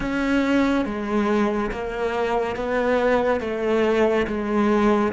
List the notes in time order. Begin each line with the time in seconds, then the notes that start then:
0.00 C#4
0.85 G#3
1.71 A#3
2.56 B3
3.40 A3
4.27 G#3